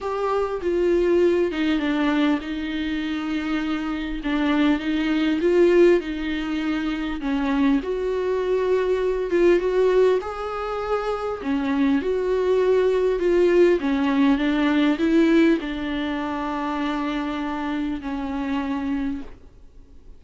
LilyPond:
\new Staff \with { instrumentName = "viola" } { \time 4/4 \tempo 4 = 100 g'4 f'4. dis'8 d'4 | dis'2. d'4 | dis'4 f'4 dis'2 | cis'4 fis'2~ fis'8 f'8 |
fis'4 gis'2 cis'4 | fis'2 f'4 cis'4 | d'4 e'4 d'2~ | d'2 cis'2 | }